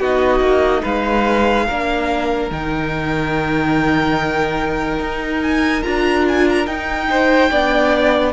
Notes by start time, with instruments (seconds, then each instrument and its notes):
0.00 cello B3, viola D#4, violin F#4 D#5
0.41 cello A#3
0.83 cello G#3, violin B4 F5
1.67 cello A#3, viola D4, violin A#4
2.51 cello D#3, viola D#4, violin G5
4.99 cello D#4
5.42 violin G#5
5.84 cello D4, viola F4, violin A#5
6.28 violin G#5
6.50 violin A#5
6.67 cello D#4, viola D#4, violin G5
7.10 violin C5
7.51 cello B3, viola D4, violin D5